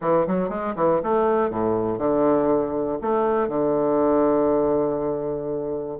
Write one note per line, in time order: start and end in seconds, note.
0.01 0.26 E3
0.27 0.49 F#3
0.49 0.74 G#3
0.75 1.00 E3
1.03 1.50 A3
1.50 1.98 A2
1.98 2.98 D3
3.01 3.48 A3
3.48 5.98 D3